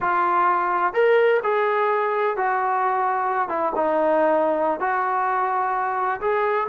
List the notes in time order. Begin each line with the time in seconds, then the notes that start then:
0.01 F4
0.93 A#4
1.43 G#4
2.37 F#4
3.48 E4
3.75 D#4
4.79 F#4
6.20 G#4